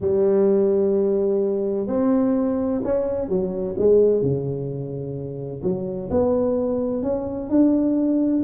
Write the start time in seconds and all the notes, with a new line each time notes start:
0.01 G3
1.87 C4
2.84 C#4
3.28 F#3
3.77 G#3
4.21 C#3
5.62 F#3
6.10 B3
7.02 C#4
7.49 D4